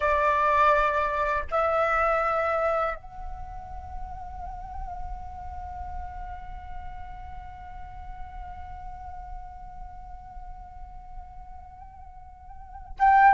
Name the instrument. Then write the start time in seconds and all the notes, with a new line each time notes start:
flute
0.00 D5
1.51 E5
2.95 F#5
12.99 G5